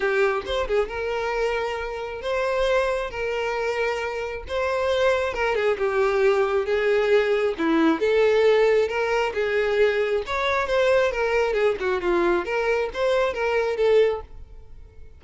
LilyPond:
\new Staff \with { instrumentName = "violin" } { \time 4/4 \tempo 4 = 135 g'4 c''8 gis'8 ais'2~ | ais'4 c''2 ais'4~ | ais'2 c''2 | ais'8 gis'8 g'2 gis'4~ |
gis'4 e'4 a'2 | ais'4 gis'2 cis''4 | c''4 ais'4 gis'8 fis'8 f'4 | ais'4 c''4 ais'4 a'4 | }